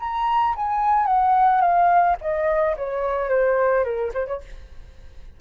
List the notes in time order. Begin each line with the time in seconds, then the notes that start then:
0.00 A#5
0.56 G#5
1.06 F#5
1.61 F5
2.21 D#5
2.77 C#5
3.29 C5
3.84 A#4
4.14 C5
4.27 C#5